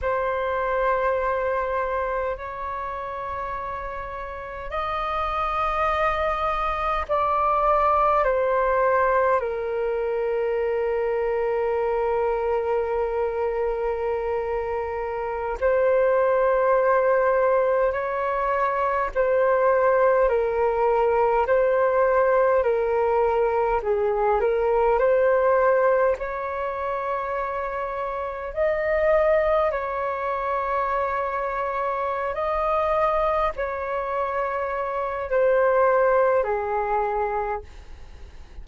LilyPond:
\new Staff \with { instrumentName = "flute" } { \time 4/4 \tempo 4 = 51 c''2 cis''2 | dis''2 d''4 c''4 | ais'1~ | ais'4~ ais'16 c''2 cis''8.~ |
cis''16 c''4 ais'4 c''4 ais'8.~ | ais'16 gis'8 ais'8 c''4 cis''4.~ cis''16~ | cis''16 dis''4 cis''2~ cis''16 dis''8~ | dis''8 cis''4. c''4 gis'4 | }